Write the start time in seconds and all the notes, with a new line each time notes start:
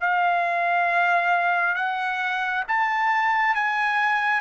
0.00 F5
1.75 F#5
2.68 A5
3.55 G#5